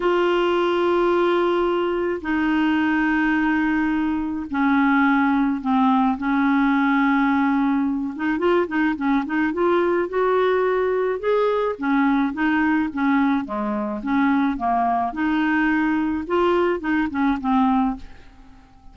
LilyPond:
\new Staff \with { instrumentName = "clarinet" } { \time 4/4 \tempo 4 = 107 f'1 | dis'1 | cis'2 c'4 cis'4~ | cis'2~ cis'8 dis'8 f'8 dis'8 |
cis'8 dis'8 f'4 fis'2 | gis'4 cis'4 dis'4 cis'4 | gis4 cis'4 ais4 dis'4~ | dis'4 f'4 dis'8 cis'8 c'4 | }